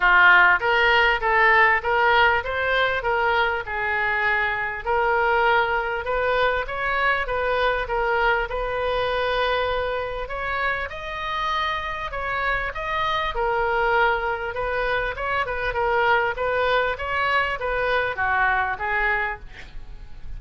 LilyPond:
\new Staff \with { instrumentName = "oboe" } { \time 4/4 \tempo 4 = 99 f'4 ais'4 a'4 ais'4 | c''4 ais'4 gis'2 | ais'2 b'4 cis''4 | b'4 ais'4 b'2~ |
b'4 cis''4 dis''2 | cis''4 dis''4 ais'2 | b'4 cis''8 b'8 ais'4 b'4 | cis''4 b'4 fis'4 gis'4 | }